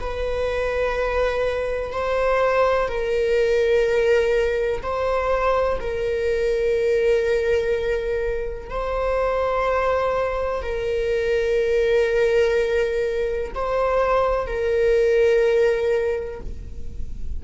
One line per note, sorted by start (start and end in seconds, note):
0.00 1.92 B4
1.92 2.88 C5
2.88 4.82 A#4
4.83 5.79 C5
5.80 8.70 A#4
8.70 10.62 C5
10.62 13.53 A#4
13.54 14.47 C5
14.47 16.40 A#4